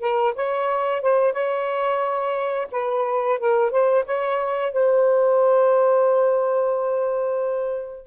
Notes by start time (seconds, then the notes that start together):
0.00 A#4
0.35 C#5
1.01 C5
1.33 C#5
2.72 B4
3.39 A#4
3.71 C5
4.05 C#5
4.72 C5